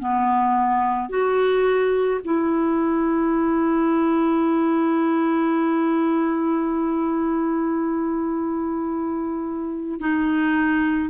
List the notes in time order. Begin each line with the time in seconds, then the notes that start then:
0.00 B3
1.10 F#4
2.25 E4
10.01 D#4